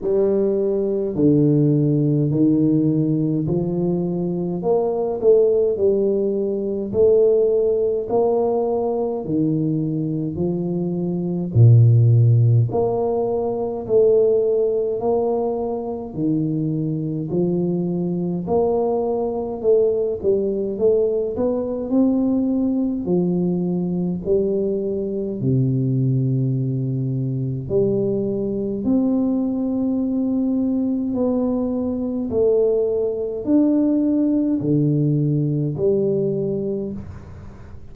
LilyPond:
\new Staff \with { instrumentName = "tuba" } { \time 4/4 \tempo 4 = 52 g4 d4 dis4 f4 | ais8 a8 g4 a4 ais4 | dis4 f4 ais,4 ais4 | a4 ais4 dis4 f4 |
ais4 a8 g8 a8 b8 c'4 | f4 g4 c2 | g4 c'2 b4 | a4 d'4 d4 g4 | }